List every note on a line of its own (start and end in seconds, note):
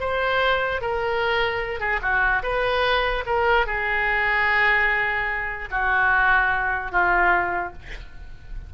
0.00 0.81 C5
0.81 1.80 A#4
1.80 2.00 G#4
2.02 2.43 F#4
2.43 3.24 B4
3.26 3.66 A#4
3.66 5.69 G#4
5.71 6.92 F#4
6.92 7.73 F4